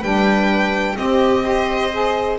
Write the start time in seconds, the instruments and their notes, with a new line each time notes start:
0.00 double bass G3, saxophone D4, viola B4, violin G5
0.96 saxophone C4, double bass C4, viola G4, violin D#5
1.43 saxophone G4, viola C5
1.93 saxophone G#4